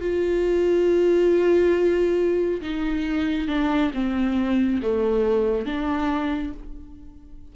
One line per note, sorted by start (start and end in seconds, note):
0.00 2.61 F4
2.62 3.48 D#4
3.48 3.91 D4
3.94 4.81 C4
4.82 5.66 A3
5.66 6.53 D4